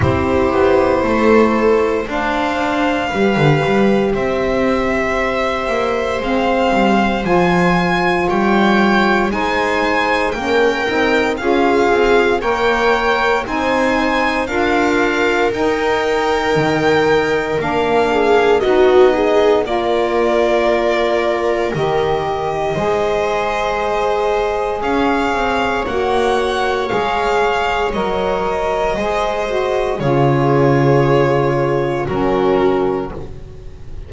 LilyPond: <<
  \new Staff \with { instrumentName = "violin" } { \time 4/4 \tempo 4 = 58 c''2 f''2 | e''2 f''4 gis''4 | g''4 gis''4 g''4 f''4 | g''4 gis''4 f''4 g''4~ |
g''4 f''4 dis''4 d''4~ | d''4 dis''2. | f''4 fis''4 f''4 dis''4~ | dis''4 cis''2 ais'4 | }
  \new Staff \with { instrumentName = "viola" } { \time 4/4 g'4 a'4 c''4 b'4 | c''1 | cis''4 c''4 ais'4 gis'4 | cis''4 c''4 ais'2~ |
ais'4. gis'8 fis'8 gis'8 ais'4~ | ais'2 c''2 | cis''1 | c''4 gis'2 fis'4 | }
  \new Staff \with { instrumentName = "saxophone" } { \time 4/4 e'2 d'4 g'4~ | g'2 c'4 f'4~ | f'4 dis'4 cis'8 dis'8 f'4 | ais'4 dis'4 f'4 dis'4~ |
dis'4 d'4 dis'4 f'4~ | f'4 g'4 gis'2~ | gis'4 fis'4 gis'4 ais'4 | gis'8 fis'8 f'2 cis'4 | }
  \new Staff \with { instrumentName = "double bass" } { \time 4/4 c'8 b8 a4 d'4 g16 d16 g8 | c'4. ais8 gis8 g8 f4 | g4 gis4 ais8 c'8 cis'8 c'8 | ais4 c'4 d'4 dis'4 |
dis4 ais4 b4 ais4~ | ais4 dis4 gis2 | cis'8 c'8 ais4 gis4 fis4 | gis4 cis2 fis4 | }
>>